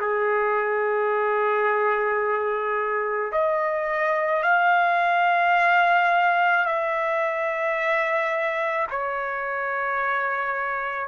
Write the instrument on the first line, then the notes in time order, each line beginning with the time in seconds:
trumpet
0.00 G#4
3.32 D#5
4.43 F5
6.65 E5
8.90 C#5